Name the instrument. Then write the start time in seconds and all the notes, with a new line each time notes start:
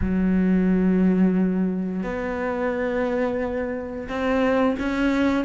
cello
0.01 F#3
2.03 B3
4.08 C4
4.79 C#4